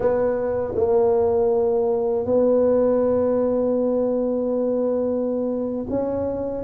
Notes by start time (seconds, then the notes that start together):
0.00 B3
0.75 A#3
2.25 B3
5.89 C#4